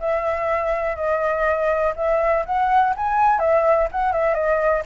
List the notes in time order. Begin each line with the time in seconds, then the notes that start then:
0.00 E5
0.96 D#5
1.96 E5
2.46 F#5
2.96 G#5
3.39 E5
3.92 F#5
4.12 E5
4.34 D#5